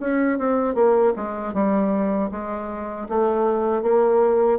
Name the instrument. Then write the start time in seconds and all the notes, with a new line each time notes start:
bassoon
0.00 C#4
0.38 C4
0.74 A#3
1.16 G#3
1.53 G3
2.31 G#3
3.09 A3
3.83 A#3